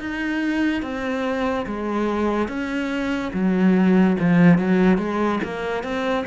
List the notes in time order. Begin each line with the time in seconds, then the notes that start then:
0.00 D#4
0.82 C4
1.66 G#3
2.48 C#4
3.33 F#3
4.19 F3
4.58 F#3
4.98 G#3
5.44 A#3
5.83 C4